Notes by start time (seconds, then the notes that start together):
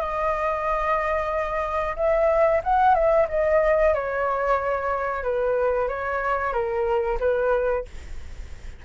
0.00 D#5
1.96 E5
2.64 F#5
2.94 E5
3.28 D#5
3.94 C#5
5.23 B4
5.88 C#5
6.53 A#4
7.19 B4